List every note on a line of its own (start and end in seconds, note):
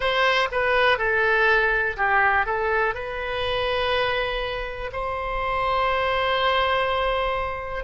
0.00 0.48 C5
0.51 0.97 B4
0.97 1.96 A4
1.97 2.45 G4
2.45 2.94 A4
2.94 4.90 B4
4.92 7.84 C5